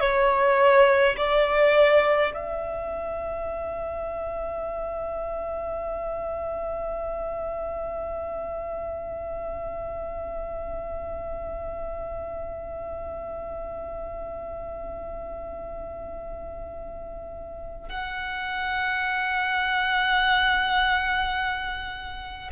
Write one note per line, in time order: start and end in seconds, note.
0.00 1.15 C#5
1.17 2.32 D5
2.34 17.89 E5
17.89 22.51 F#5